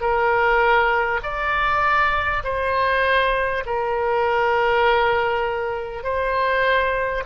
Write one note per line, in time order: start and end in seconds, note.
0.00 1.20 A#4
1.23 2.43 D5
2.43 3.63 C5
3.66 6.03 A#4
6.03 7.23 C5